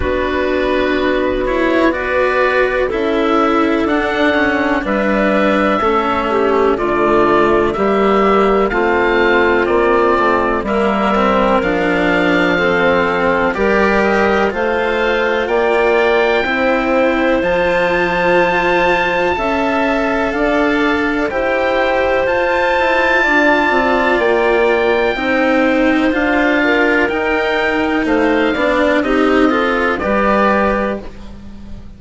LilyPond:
<<
  \new Staff \with { instrumentName = "oboe" } { \time 4/4 \tempo 4 = 62 b'4. cis''8 d''4 e''4 | fis''4 e''2 d''4 | e''4 f''4 d''4 e''4 | f''2 d''8 dis''8 f''4 |
g''2 a''2~ | a''4 f''4 g''4 a''4~ | a''4 g''2 f''4 | g''4 f''4 dis''4 d''4 | }
  \new Staff \with { instrumentName = "clarinet" } { \time 4/4 fis'2 b'4 a'4~ | a'4 b'4 a'8 g'8 f'4 | g'4 f'2 ais'4~ | ais'4 a'4 ais'4 c''4 |
d''4 c''2. | e''4 d''4 c''2 | d''2 c''4. ais'8~ | ais'4 c''8 d''8 g'8 a'8 b'4 | }
  \new Staff \with { instrumentName = "cello" } { \time 4/4 d'4. e'8 fis'4 e'4 | d'8 cis'8 d'4 cis'4 a4 | ais4 c'2 ais8 c'8 | d'4 c'4 g'4 f'4~ |
f'4 e'4 f'2 | a'2 g'4 f'4~ | f'2 dis'4 f'4 | dis'4. d'8 dis'8 f'8 g'4 | }
  \new Staff \with { instrumentName = "bassoon" } { \time 4/4 b2. cis'4 | d'4 g4 a4 d4 | g4 a4 ais8 a8 g4 | f2 g4 a4 |
ais4 c'4 f2 | cis'4 d'4 e'4 f'8 e'8 | d'8 c'8 ais4 c'4 d'4 | dis'4 a8 b8 c'4 g4 | }
>>